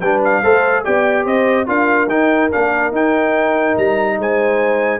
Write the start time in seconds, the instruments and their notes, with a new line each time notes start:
0.00 tuba G3, trombone D4, horn B4, trumpet G5
0.24 trumpet F5
0.41 tuba A3, trombone A4, horn C5
0.84 tuba B3, trombone G4, horn D5, trumpet G5
1.24 tuba C4, horn C5, trumpet D#5
1.66 tuba D4, trombone F4, horn A#4, trumpet F5
2.07 tuba D#4, trombone D#4, trumpet G5
2.51 tuba A#3, trombone D4, trumpet F5
2.91 tuba D#4, trombone D#4, trumpet G5
3.77 tuba G3, trumpet A#5
4.18 tuba G#3, horn C5, trumpet G#5